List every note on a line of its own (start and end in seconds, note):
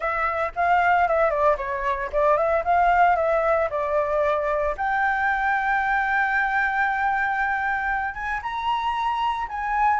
0.00 0.52 E5
0.55 1.07 F5
1.07 1.30 E5
1.30 1.56 D5
1.57 2.10 C#5
2.12 2.37 D5
2.37 2.63 E5
2.64 3.16 F5
3.16 3.68 E5
3.70 4.75 D5
4.77 8.14 G5
8.14 8.40 G#5
8.42 9.47 A#5
9.48 10.00 G#5